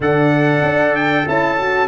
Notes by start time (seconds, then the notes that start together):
0.00 D3 D4 A4 F#5
0.62 D4
0.95 G5
1.26 C#4 E4 A5
1.58 F#4